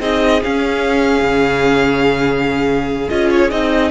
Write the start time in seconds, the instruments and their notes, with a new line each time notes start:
0.00 cello C4, viola D#4, violin G#4 D#5
0.42 viola C#4, cello C#4, violin F5
1.22 cello C#3
3.09 cello C#4, viola F4, violin D#5
3.30 violin C#5
3.50 cello C4, viola D#4, violin D#5